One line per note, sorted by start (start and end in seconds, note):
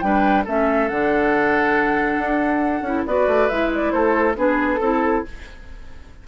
0.00 0.46 G3
0.00 0.45 D4
0.00 0.44 B4
0.00 0.43 G5
0.44 0.90 A3
0.44 0.89 C#4
0.44 3.05 A4
0.44 0.88 E5
0.88 2.17 D3
0.88 2.85 D4
0.88 3.05 F#5
2.17 2.81 D4
2.81 3.03 C#4
2.81 3.07 E4
3.06 3.27 B3
3.06 3.50 F#4
3.06 3.93 B4
3.06 3.48 D5
3.27 3.49 A3
3.48 3.92 G#3
3.48 4.35 E4
3.48 3.70 E5
3.74 3.91 D5
3.91 4.35 A3
3.91 4.36 A4
3.91 4.34 C5
4.35 4.79 B3
4.35 4.79 D4
4.35 4.80 G#4
4.35 4.70 B4
4.73 5.27 A4
4.79 5.23 C4
4.79 5.25 E4
4.79 5.23 A4